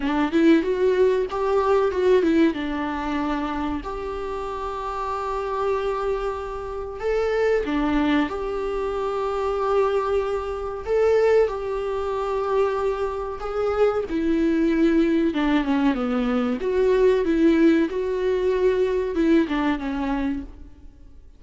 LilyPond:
\new Staff \with { instrumentName = "viola" } { \time 4/4 \tempo 4 = 94 d'8 e'8 fis'4 g'4 fis'8 e'8 | d'2 g'2~ | g'2. a'4 | d'4 g'2.~ |
g'4 a'4 g'2~ | g'4 gis'4 e'2 | d'8 cis'8 b4 fis'4 e'4 | fis'2 e'8 d'8 cis'4 | }